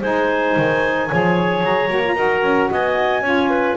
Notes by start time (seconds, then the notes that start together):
0.00 G#3 D#4 C5 G#5
0.56 D#3
1.10 F3 G#4 C#5
1.63 F#3 A#5
1.89 A#3 F#4
2.04 F4
2.15 D#4 F#4 A#4
2.42 C#4
2.70 B3 D#5 G#5
3.22 C#4 F4 C#5
3.49 B4